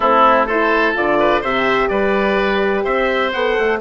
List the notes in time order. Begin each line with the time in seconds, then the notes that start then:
0.00 A3 C4 E4 A4
0.46 E4 A4 C5
0.94 D3 F4 D5
1.19 B4
1.41 C3 G4 C5 E5
1.88 G3 B4 D5
2.84 C4 C5 E5
3.32 B3 A4 F#5
3.58 A3